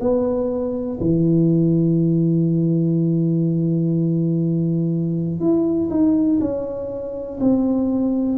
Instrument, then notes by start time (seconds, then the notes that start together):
tuba
0.00 B3
1.00 E3
5.40 E4
5.90 D#4
6.40 C#4
7.40 C4